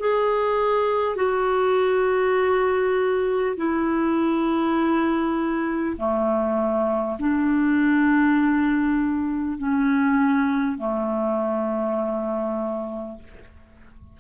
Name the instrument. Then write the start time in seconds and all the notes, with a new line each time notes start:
clarinet
0.00 G#4
1.16 F#4
3.57 E4
5.98 A3
7.19 D4
9.58 C#4
10.79 A3